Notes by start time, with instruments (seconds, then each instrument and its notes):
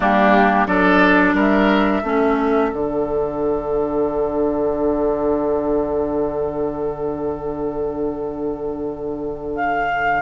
0.00 bassoon G3, clarinet A#3, oboe D4, flute G4
0.66 bassoon F#3, clarinet D4, oboe A4, flute D5
1.34 bassoon G3, oboe A#4, flute E5
2.02 bassoon A3, clarinet C#4, oboe A4
2.72 bassoon D3, clarinet D4, flute F#5
9.55 flute F5